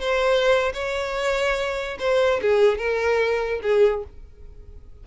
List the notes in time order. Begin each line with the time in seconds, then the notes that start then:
0.00 C5
0.74 C#5
1.99 C5
2.42 G#4
2.78 A#4
3.62 G#4